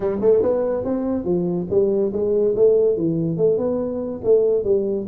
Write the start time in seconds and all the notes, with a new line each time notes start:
0.00 G3
0.21 A3
0.42 B3
0.84 C4
1.24 F3
1.70 G3
2.12 G#3
2.55 A3
2.96 E3
3.37 A3
3.57 B3
4.23 A3
4.64 G3